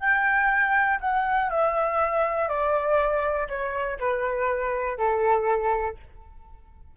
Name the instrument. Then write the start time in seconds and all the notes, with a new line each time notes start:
flute
0.00 G5
1.01 F#5
1.50 E5
2.48 D5
3.48 C#5
3.99 B4
4.97 A4